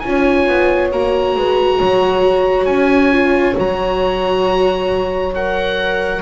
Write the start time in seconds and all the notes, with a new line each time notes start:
0.00 C#4 F4 G#5
0.09 C#5
0.48 B3
0.92 A#3 F#4 A#5
1.36 G#3 B4
1.78 F#3 C#5
2.66 C#4 G#5
3.12 F4
3.55 F#3 F#4 A#5
5.35 A#4 F#5